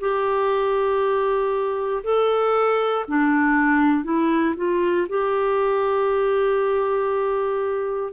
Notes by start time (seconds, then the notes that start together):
0.00 G4
2.03 A4
3.08 D4
4.04 E4
4.57 F4
5.09 G4